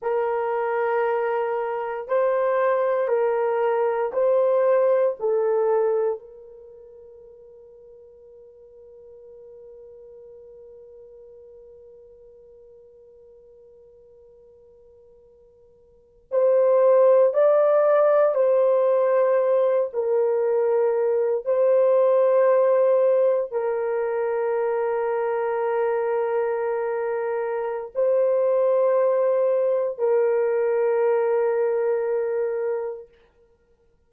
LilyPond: \new Staff \with { instrumentName = "horn" } { \time 4/4 \tempo 4 = 58 ais'2 c''4 ais'4 | c''4 a'4 ais'2~ | ais'1~ | ais'2.~ ais'8. c''16~ |
c''8. d''4 c''4. ais'8.~ | ais'8. c''2 ais'4~ ais'16~ | ais'2. c''4~ | c''4 ais'2. | }